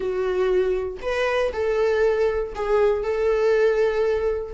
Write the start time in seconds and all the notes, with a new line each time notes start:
0.00 F#4
1.01 B4
1.52 A4
2.55 G#4
3.03 A4